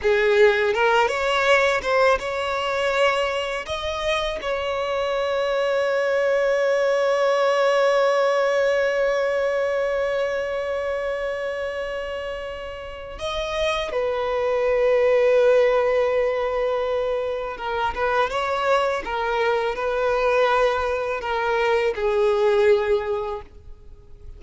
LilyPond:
\new Staff \with { instrumentName = "violin" } { \time 4/4 \tempo 4 = 82 gis'4 ais'8 cis''4 c''8 cis''4~ | cis''4 dis''4 cis''2~ | cis''1~ | cis''1~ |
cis''2 dis''4 b'4~ | b'1 | ais'8 b'8 cis''4 ais'4 b'4~ | b'4 ais'4 gis'2 | }